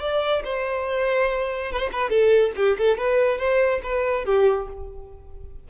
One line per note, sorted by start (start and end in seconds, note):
0.00 0.43 D5
0.44 1.72 C5
1.72 1.79 B4
1.79 1.89 C5
1.93 2.09 B4
2.09 2.52 A4
2.56 2.77 G4
2.78 2.97 A4
2.97 3.38 B4
3.38 3.81 C5
3.83 4.25 B4
4.25 4.68 G4